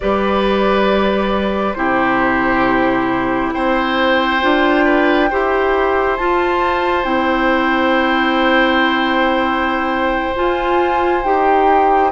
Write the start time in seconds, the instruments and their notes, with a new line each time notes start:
0.00 bassoon G3, clarinet G4, oboe B4, flute D5
1.73 bassoon C3, clarinet E4, oboe G4, flute C5
3.53 bassoon C4, oboe C5, flute G5
4.41 bassoon D4, clarinet F4
4.85 oboe B4
5.30 bassoon E4, clarinet G4, oboe C5
6.16 clarinet F4, bassoon F4, flute A5
7.03 bassoon C4, clarinet E4, flute G5
10.35 clarinet F4, bassoon F4, flute G#5
11.23 bassoon D#4, clarinet G4, flute G5